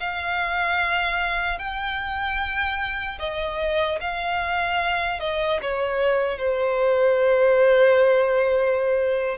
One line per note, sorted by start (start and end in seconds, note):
0.00 1.59 F5
1.59 3.19 G5
3.19 3.99 D#5
4.01 5.20 F5
5.20 5.60 D#5
5.62 6.38 C#5
6.38 9.38 C5